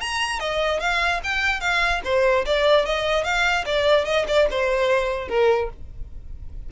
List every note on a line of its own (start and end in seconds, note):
0.00 0.40 A#5
0.40 0.80 D#5
0.80 1.21 F5
1.23 1.60 G5
1.60 2.01 F5
2.04 2.45 C5
2.46 2.85 D5
2.85 3.24 D#5
3.24 3.65 F5
3.65 4.05 D5
4.05 4.25 D#5
4.27 4.48 D5
4.50 5.28 C5
5.28 5.69 A#4